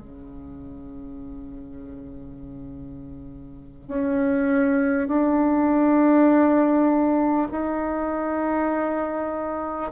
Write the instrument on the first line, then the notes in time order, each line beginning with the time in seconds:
bassoon
0.00 C#3
3.88 C#4
5.08 D4
7.52 D#4